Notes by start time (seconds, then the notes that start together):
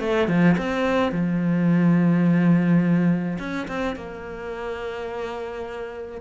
0.00 A3
0.28 F3
0.58 C4
1.12 F3
3.39 C#4
3.68 C4
3.96 A#3